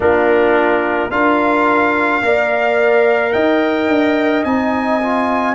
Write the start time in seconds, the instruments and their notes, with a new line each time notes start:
0.00 tuba A#3, trombone D4, horn F4, trumpet A#4
1.10 tuba D4, trombone F4, horn A#4, trumpet F5
2.22 tuba A#3, trombone A#4, horn D5
3.32 tuba D#4, horn D#5, trumpet G5
3.88 tuba D4
4.44 tuba C4, trombone D#4, trumpet G#5
5.02 trombone F4